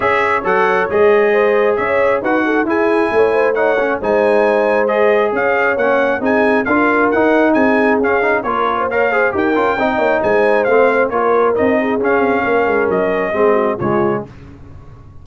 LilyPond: <<
  \new Staff \with { instrumentName = "trumpet" } { \time 4/4 \tempo 4 = 135 e''4 fis''4 dis''2 | e''4 fis''4 gis''2 | fis''4 gis''2 dis''4 | f''4 fis''4 gis''4 f''4 |
fis''4 gis''4 f''4 cis''4 | f''4 g''2 gis''4 | f''4 cis''4 dis''4 f''4~ | f''4 dis''2 cis''4 | }
  \new Staff \with { instrumentName = "horn" } { \time 4/4 cis''2. c''4 | cis''4 b'8 a'8 gis'4 cis''8 c''8 | cis''4 c''2. | cis''2 gis'4 ais'4~ |
ais'4 gis'2 ais'8. c''16 | cis''8 c''8 ais'4 dis''8 cis''8 c''4~ | c''4 ais'4. gis'4. | ais'2 gis'8 fis'8 f'4 | }
  \new Staff \with { instrumentName = "trombone" } { \time 4/4 gis'4 a'4 gis'2~ | gis'4 fis'4 e'2 | dis'8 cis'8 dis'2 gis'4~ | gis'4 cis'4 dis'4 f'4 |
dis'2 cis'8 dis'8 f'4 | ais'8 gis'8 g'8 f'8 dis'2 | c'4 f'4 dis'4 cis'4~ | cis'2 c'4 gis4 | }
  \new Staff \with { instrumentName = "tuba" } { \time 4/4 cis'4 fis4 gis2 | cis'4 dis'4 e'4 a4~ | a4 gis2. | cis'4 ais4 c'4 d'4 |
dis'4 c'4 cis'4 ais4~ | ais4 dis'8 cis'8 c'8 ais8 gis4 | a4 ais4 c'4 cis'8 c'8 | ais8 gis8 fis4 gis4 cis4 | }
>>